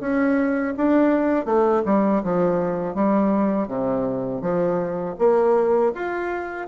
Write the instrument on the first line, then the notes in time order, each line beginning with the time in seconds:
bassoon
0.00 C#4
0.77 D4
1.45 A3
1.85 G3
2.23 F3
2.94 G3
3.68 C3
4.41 F3
5.19 A#3
5.94 F4